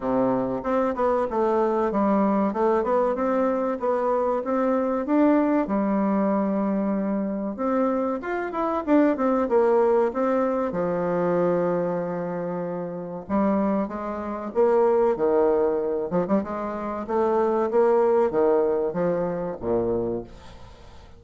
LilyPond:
\new Staff \with { instrumentName = "bassoon" } { \time 4/4 \tempo 4 = 95 c4 c'8 b8 a4 g4 | a8 b8 c'4 b4 c'4 | d'4 g2. | c'4 f'8 e'8 d'8 c'8 ais4 |
c'4 f2.~ | f4 g4 gis4 ais4 | dis4. f16 g16 gis4 a4 | ais4 dis4 f4 ais,4 | }